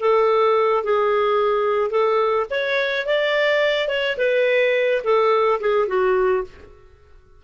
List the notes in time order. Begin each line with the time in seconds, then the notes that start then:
0.00 A4
0.84 G#4
1.91 A4
2.51 C#5
3.07 D5
3.89 C#5
4.18 B4
5.04 A4
5.60 G#4
5.88 F#4